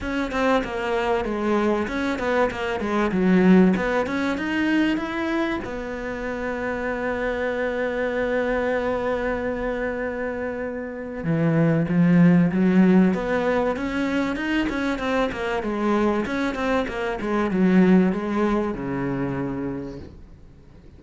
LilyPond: \new Staff \with { instrumentName = "cello" } { \time 4/4 \tempo 4 = 96 cis'8 c'8 ais4 gis4 cis'8 b8 | ais8 gis8 fis4 b8 cis'8 dis'4 | e'4 b2.~ | b1~ |
b2 e4 f4 | fis4 b4 cis'4 dis'8 cis'8 | c'8 ais8 gis4 cis'8 c'8 ais8 gis8 | fis4 gis4 cis2 | }